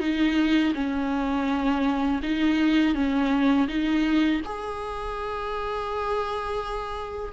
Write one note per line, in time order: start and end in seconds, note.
0.00 0.73 D#4
0.75 2.21 C#4
2.23 2.94 D#4
2.94 3.68 C#4
3.68 4.41 D#4
4.45 7.33 G#4